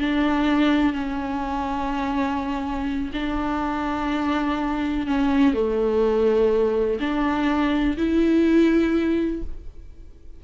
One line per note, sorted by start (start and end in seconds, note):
0.00 0.94 D4
0.94 3.12 C#4
3.14 5.07 D4
5.08 5.55 C#4
5.55 7.00 A3
7.01 7.97 D4
7.98 9.43 E4